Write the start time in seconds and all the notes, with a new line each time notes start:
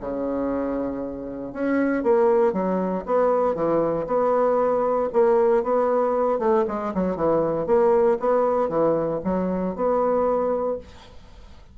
0.00 C#3
1.52 C#4
2.03 A#3
2.52 F#3
3.05 B3
3.55 E3
4.07 B3
5.12 A#3
5.63 B3
6.39 A3
6.67 G#3
6.94 F#3
7.16 E3
7.66 A#3
8.19 B3
8.68 E3
9.24 F#3
9.75 B3